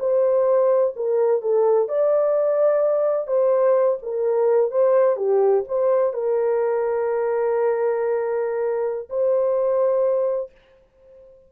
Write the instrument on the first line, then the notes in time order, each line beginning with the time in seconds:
horn
0.00 C5
0.96 A#4
1.42 A4
1.89 D5
3.28 C5
4.03 A#4
4.72 C5
5.17 G4
5.68 C5
6.14 A#4
9.10 C5